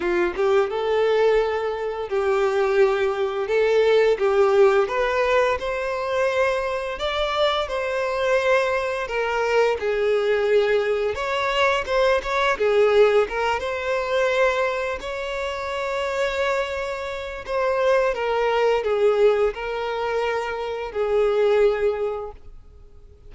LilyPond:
\new Staff \with { instrumentName = "violin" } { \time 4/4 \tempo 4 = 86 f'8 g'8 a'2 g'4~ | g'4 a'4 g'4 b'4 | c''2 d''4 c''4~ | c''4 ais'4 gis'2 |
cis''4 c''8 cis''8 gis'4 ais'8 c''8~ | c''4. cis''2~ cis''8~ | cis''4 c''4 ais'4 gis'4 | ais'2 gis'2 | }